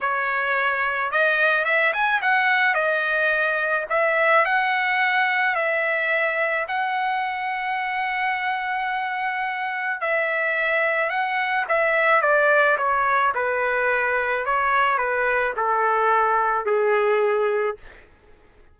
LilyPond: \new Staff \with { instrumentName = "trumpet" } { \time 4/4 \tempo 4 = 108 cis''2 dis''4 e''8 gis''8 | fis''4 dis''2 e''4 | fis''2 e''2 | fis''1~ |
fis''2 e''2 | fis''4 e''4 d''4 cis''4 | b'2 cis''4 b'4 | a'2 gis'2 | }